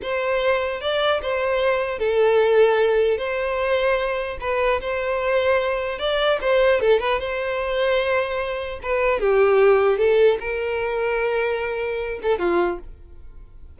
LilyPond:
\new Staff \with { instrumentName = "violin" } { \time 4/4 \tempo 4 = 150 c''2 d''4 c''4~ | c''4 a'2. | c''2. b'4 | c''2. d''4 |
c''4 a'8 b'8 c''2~ | c''2 b'4 g'4~ | g'4 a'4 ais'2~ | ais'2~ ais'8 a'8 f'4 | }